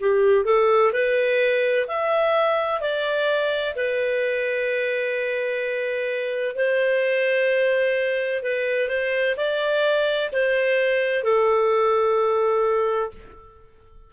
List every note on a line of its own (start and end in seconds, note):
0.00 0.45 G4
0.45 0.92 A4
0.93 1.87 B4
1.87 2.81 E5
2.81 3.75 D5
3.75 6.56 B4
6.56 8.43 C5
8.43 8.88 B4
8.88 9.35 C5
9.37 10.31 D5
10.33 11.24 C5
11.24 13.11 A4